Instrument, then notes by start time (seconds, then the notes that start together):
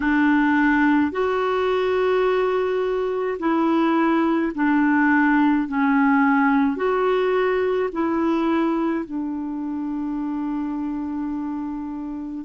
clarinet
0.00 D4
1.11 F#4
3.39 E4
4.54 D4
5.68 C#4
6.76 F#4
7.92 E4
9.05 D4